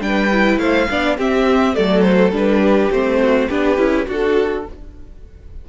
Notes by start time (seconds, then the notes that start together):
0.00 G3 D4 B4 G5
0.31 E4
0.58 A3 C5 F5
0.90 B3 D4 D5
1.17 C4 G4 E5
1.74 F#3 A3 A4 D5
2.02 C5
2.31 G3 D4 B4
2.62 G4
2.90 A3 C4 C5
3.22 F#4
3.48 B3 D4 G4 B4
3.77 C#4 E4
4.06 D4 F#4 A4